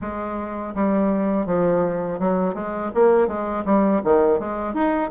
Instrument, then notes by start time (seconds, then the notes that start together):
bassoon
0.01 G#3
0.75 G3
1.46 F3
2.19 F#3
2.54 G#3
2.94 A#3
3.27 G#3
3.65 G3
4.03 D#3
4.39 G#3
4.74 D#4